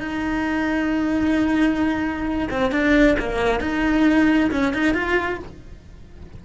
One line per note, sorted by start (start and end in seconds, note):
0.00 2.48 D#4
2.50 2.71 C4
2.71 3.16 D4
3.19 3.60 A#3
3.60 4.51 D#4
4.51 4.73 C#4
4.73 4.94 D#4
4.94 5.39 F4